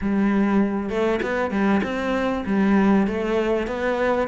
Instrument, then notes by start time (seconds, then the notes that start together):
cello
0.01 G3
0.89 A3
1.22 B3
1.50 G3
1.83 C4
2.46 G3
3.07 A3
3.67 B3